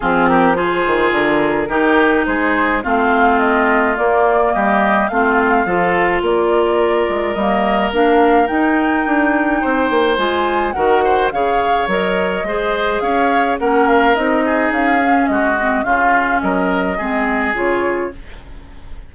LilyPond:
<<
  \new Staff \with { instrumentName = "flute" } { \time 4/4 \tempo 4 = 106 gis'8 ais'8 c''4 ais'2 | c''4 f''4 dis''4 d''4 | dis''4 f''2 d''4~ | d''4 dis''4 f''4 g''4~ |
g''2 gis''4 fis''4 | f''4 dis''2 f''4 | fis''8 f''8 dis''4 f''4 dis''4 | f''4 dis''2 cis''4 | }
  \new Staff \with { instrumentName = "oboe" } { \time 4/4 f'8 g'8 gis'2 g'4 | gis'4 f'2. | g'4 f'4 a'4 ais'4~ | ais'1~ |
ais'4 c''2 ais'8 c''8 | cis''2 c''4 cis''4 | ais'4. gis'4. fis'4 | f'4 ais'4 gis'2 | }
  \new Staff \with { instrumentName = "clarinet" } { \time 4/4 c'4 f'2 dis'4~ | dis'4 c'2 ais4~ | ais4 c'4 f'2~ | f'4 ais4 d'4 dis'4~ |
dis'2 f'4 fis'4 | gis'4 ais'4 gis'2 | cis'4 dis'4. cis'4 c'8 | cis'2 c'4 f'4 | }
  \new Staff \with { instrumentName = "bassoon" } { \time 4/4 f4. dis8 d4 dis4 | gis4 a2 ais4 | g4 a4 f4 ais4~ | ais8 gis8 g4 ais4 dis'4 |
d'4 c'8 ais8 gis4 dis4 | cis4 fis4 gis4 cis'4 | ais4 c'4 cis'4 gis4 | cis4 fis4 gis4 cis4 | }
>>